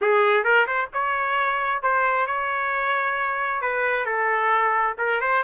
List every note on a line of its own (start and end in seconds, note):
0.01 0.44 G#4
0.44 0.66 A#4
0.66 0.89 C5
0.93 1.82 C#5
1.82 2.26 C5
2.26 3.61 C#5
3.61 4.05 B4
4.05 4.95 A4
4.98 5.20 A#4
5.20 5.43 C5